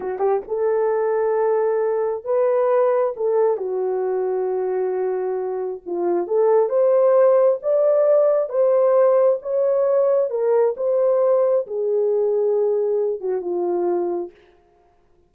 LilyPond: \new Staff \with { instrumentName = "horn" } { \time 4/4 \tempo 4 = 134 fis'8 g'8 a'2.~ | a'4 b'2 a'4 | fis'1~ | fis'4 f'4 a'4 c''4~ |
c''4 d''2 c''4~ | c''4 cis''2 ais'4 | c''2 gis'2~ | gis'4. fis'8 f'2 | }